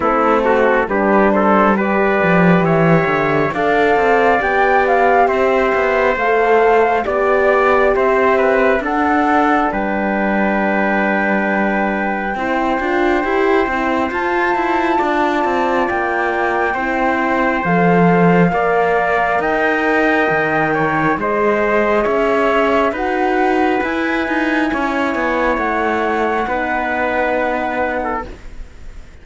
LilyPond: <<
  \new Staff \with { instrumentName = "flute" } { \time 4/4 \tempo 4 = 68 a'4 b'8 c''8 d''4 e''4 | f''4 g''8 f''8 e''4 f''4 | d''4 e''4 fis''4 g''4~ | g''1 |
a''2 g''2 | f''2 g''2 | dis''4 e''4 fis''4 gis''4~ | gis''4 fis''2. | }
  \new Staff \with { instrumentName = "trumpet" } { \time 4/4 e'8 fis'8 g'8 a'8 b'4 cis''4 | d''2 c''2 | d''4 c''8 b'8 a'4 b'4~ | b'2 c''2~ |
c''4 d''2 c''4~ | c''4 d''4 dis''4. cis''8 | c''4 cis''4 b'2 | cis''2 b'4.~ b'16 a'16 | }
  \new Staff \with { instrumentName = "horn" } { \time 4/4 c'4 d'4 g'2 | a'4 g'2 a'4 | g'2 d'2~ | d'2 e'8 f'8 g'8 e'8 |
f'2. e'4 | a'4 ais'2. | gis'2 fis'4 e'4~ | e'2 dis'2 | }
  \new Staff \with { instrumentName = "cello" } { \time 4/4 a4 g4. f8 e8 d8 | d'8 c'8 b4 c'8 b8 a4 | b4 c'4 d'4 g4~ | g2 c'8 d'8 e'8 c'8 |
f'8 e'8 d'8 c'8 ais4 c'4 | f4 ais4 dis'4 dis4 | gis4 cis'4 dis'4 e'8 dis'8 | cis'8 b8 a4 b2 | }
>>